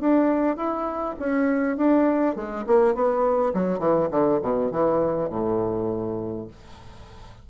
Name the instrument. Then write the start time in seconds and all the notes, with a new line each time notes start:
bassoon
0.00 D4
0.56 E4
1.19 C#4
1.77 D4
2.36 G#3
2.66 A#3
2.95 B3
3.53 F#3
3.79 E3
4.11 D3
4.42 B2
4.71 E3
5.30 A2